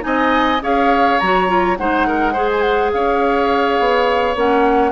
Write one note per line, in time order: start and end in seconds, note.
0.00 0.61 C4
0.00 0.58 D#4
0.00 0.62 D#5
0.00 0.61 G#5
0.61 1.19 C#4
0.61 1.19 G#4
0.61 1.78 C#5
0.61 1.19 F5
1.19 1.78 F#3
1.19 1.47 F#4
1.19 1.76 A#5
1.47 1.76 F4
1.77 2.92 G#3
1.77 2.34 D#4
1.77 2.07 C5
1.77 2.49 F#5
2.07 2.33 A#4
2.33 4.35 G#4
2.33 2.90 C5
2.51 2.61 G#5
2.61 2.90 F#5
2.92 3.79 C#4
2.92 4.92 C#5
2.92 4.36 F5
3.79 4.35 B3
4.35 4.92 A#3
4.35 4.92 C#4
4.35 4.92 F#5